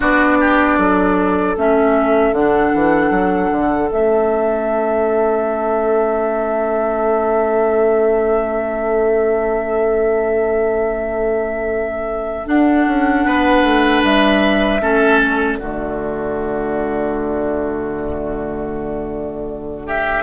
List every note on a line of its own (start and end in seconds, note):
0.00 0.78 B3
0.00 1.56 D4
0.00 0.37 F#4
0.00 1.57 D5
0.40 0.78 G4
0.78 1.56 F#3
0.78 13.25 A4
1.57 2.32 A3
1.57 2.35 C#4
1.57 2.34 E5
2.32 2.71 D3
2.32 3.90 D4
2.32 3.90 F#5
2.74 3.11 E3
3.11 3.50 F#3
3.51 3.90 D3
3.90 12.47 A3
3.90 12.46 C#4
3.90 12.47 E5
12.46 14.80 D4
12.46 12.86 D4
12.46 14.03 F#5
12.86 13.25 C#4
13.25 13.63 B3
13.25 14.81 B4
13.63 14.02 A3
14.03 14.81 G3
14.03 15.20 E5
14.81 15.58 A3
14.81 15.58 C#4
14.81 15.58 A4
15.20 19.87 D5
15.58 20.22 D3
15.58 20.22 A3
15.58 19.86 F#4
19.86 20.22 G4
19.86 20.22 E5